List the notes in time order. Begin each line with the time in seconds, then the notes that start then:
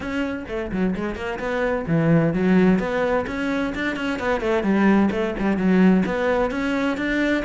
0.00 C#4
0.48 A3
0.71 F#3
0.95 G#3
1.15 A#3
1.39 B3
1.87 E3
2.33 F#3
2.79 B3
3.27 C#4
3.74 D4
3.95 C#4
4.19 B3
4.40 A3
4.63 G3
5.11 A3
5.39 G3
5.57 F#3
6.05 B3
6.51 C#4
6.97 D4